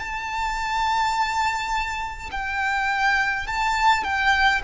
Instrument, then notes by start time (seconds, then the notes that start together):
violin
0.00 A5
2.32 G5
3.47 A5
4.04 G5